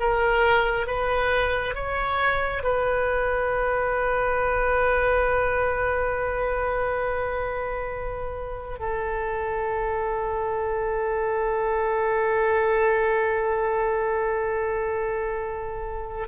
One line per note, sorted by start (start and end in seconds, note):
0.00 0.86 A#4
0.86 1.74 B4
1.74 2.63 C#5
2.63 8.79 B4
8.79 16.27 A4